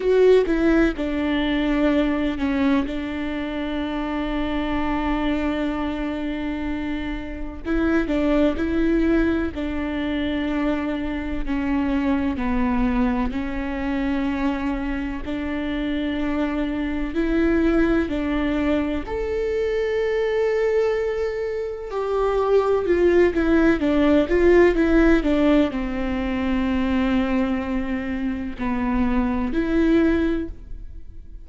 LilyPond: \new Staff \with { instrumentName = "viola" } { \time 4/4 \tempo 4 = 63 fis'8 e'8 d'4. cis'8 d'4~ | d'1 | e'8 d'8 e'4 d'2 | cis'4 b4 cis'2 |
d'2 e'4 d'4 | a'2. g'4 | f'8 e'8 d'8 f'8 e'8 d'8 c'4~ | c'2 b4 e'4 | }